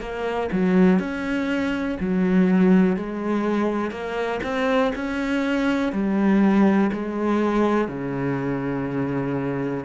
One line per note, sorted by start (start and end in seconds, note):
0.00 0.49 A#3
0.51 0.99 F#3
0.99 1.97 C#4
2.00 2.96 F#3
2.96 3.90 G#3
3.90 4.39 A#3
4.43 4.92 C4
4.95 5.92 C#4
5.92 6.90 G3
6.92 7.87 G#3
7.87 9.84 C#3